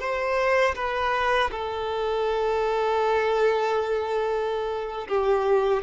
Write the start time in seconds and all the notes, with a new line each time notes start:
0.00 C5
0.76 B4
1.52 A4
5.08 G4